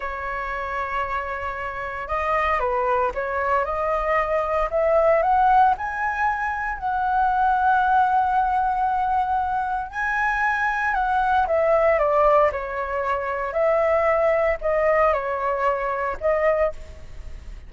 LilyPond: \new Staff \with { instrumentName = "flute" } { \time 4/4 \tempo 4 = 115 cis''1 | dis''4 b'4 cis''4 dis''4~ | dis''4 e''4 fis''4 gis''4~ | gis''4 fis''2.~ |
fis''2. gis''4~ | gis''4 fis''4 e''4 d''4 | cis''2 e''2 | dis''4 cis''2 dis''4 | }